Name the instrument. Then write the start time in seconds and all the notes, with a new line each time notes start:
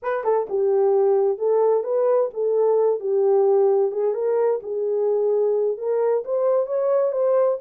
horn
0.02 B4
0.24 A4
0.49 G4
1.38 A4
1.83 B4
2.33 A4
3.00 G4
3.91 G#4
4.14 A#4
4.63 G#4
5.77 A#4
6.24 C5
6.66 C#5
7.12 C5